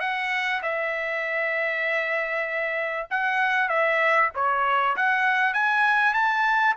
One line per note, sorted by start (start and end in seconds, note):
0.00 0.61 F#5
0.62 3.07 E5
3.10 3.69 F#5
3.69 4.30 E5
4.35 4.96 C#5
4.96 5.53 F#5
5.53 6.13 G#5
6.13 6.75 A5